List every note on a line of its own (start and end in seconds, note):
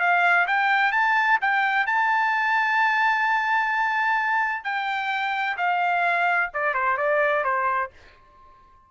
0.00 0.47 F5
0.47 0.92 G5
0.92 1.39 A5
1.41 1.86 G5
1.86 4.64 A5
4.64 5.57 G5
5.58 6.51 F5
6.54 6.74 D5
6.74 6.97 C5
6.97 7.44 D5
7.44 7.90 C5